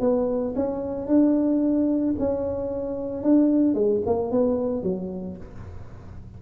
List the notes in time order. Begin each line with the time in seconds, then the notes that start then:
0.00 B3
0.55 C#4
1.07 D4
2.19 C#4
3.23 D4
3.74 G#3
4.06 A#3
4.31 B3
4.83 F#3